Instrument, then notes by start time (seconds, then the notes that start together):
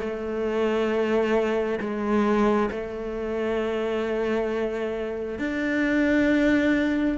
cello
0.00 A3
1.80 G#3
2.71 A3
5.39 D4